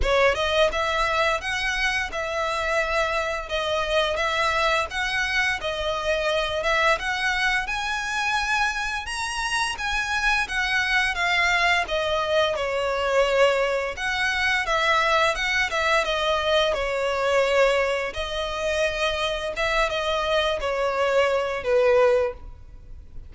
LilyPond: \new Staff \with { instrumentName = "violin" } { \time 4/4 \tempo 4 = 86 cis''8 dis''8 e''4 fis''4 e''4~ | e''4 dis''4 e''4 fis''4 | dis''4. e''8 fis''4 gis''4~ | gis''4 ais''4 gis''4 fis''4 |
f''4 dis''4 cis''2 | fis''4 e''4 fis''8 e''8 dis''4 | cis''2 dis''2 | e''8 dis''4 cis''4. b'4 | }